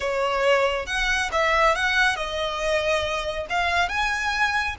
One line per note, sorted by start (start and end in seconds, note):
0.00 0.86 C#5
0.86 1.29 F#5
1.32 1.75 E5
1.75 2.16 F#5
2.16 3.46 D#5
3.49 3.88 F5
3.88 4.75 G#5